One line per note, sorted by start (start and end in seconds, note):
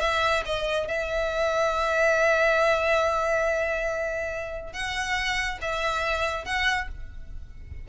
0.00 0.43 E5
0.45 0.87 D#5
0.87 4.73 E5
4.73 5.58 F#5
5.61 6.45 E5
6.45 6.88 F#5